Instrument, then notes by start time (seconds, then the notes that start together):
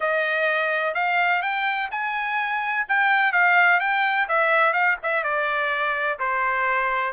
trumpet
0.00 D#5
0.94 F5
1.42 G5
1.91 G#5
2.88 G5
3.32 F5
3.80 G5
4.28 E5
4.73 F5
5.02 E5
5.23 D5
6.19 C5